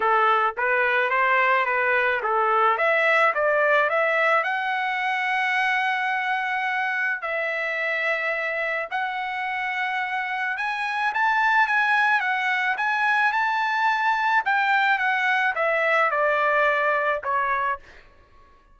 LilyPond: \new Staff \with { instrumentName = "trumpet" } { \time 4/4 \tempo 4 = 108 a'4 b'4 c''4 b'4 | a'4 e''4 d''4 e''4 | fis''1~ | fis''4 e''2. |
fis''2. gis''4 | a''4 gis''4 fis''4 gis''4 | a''2 g''4 fis''4 | e''4 d''2 cis''4 | }